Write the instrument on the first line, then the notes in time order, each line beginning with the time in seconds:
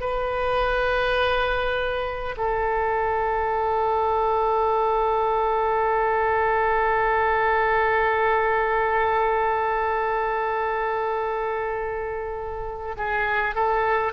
oboe
0.00 B4
2.37 A4
12.97 G#4
13.55 A4